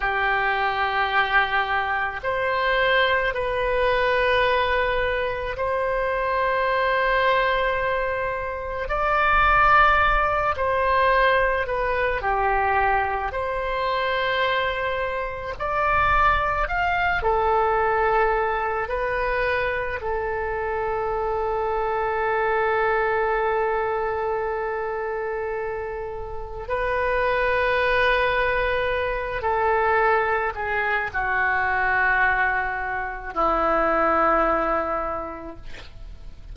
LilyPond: \new Staff \with { instrumentName = "oboe" } { \time 4/4 \tempo 4 = 54 g'2 c''4 b'4~ | b'4 c''2. | d''4. c''4 b'8 g'4 | c''2 d''4 f''8 a'8~ |
a'4 b'4 a'2~ | a'1 | b'2~ b'8 a'4 gis'8 | fis'2 e'2 | }